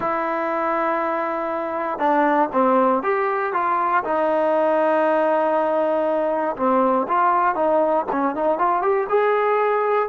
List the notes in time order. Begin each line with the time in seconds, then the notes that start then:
0.00 E4
1.98 D4
2.52 C4
3.02 G4
3.53 F4
4.03 D#4
6.56 C4
7.08 F4
7.55 D#4
8.12 C#4
8.35 D#4
8.58 F4
8.82 G4
9.09 G#4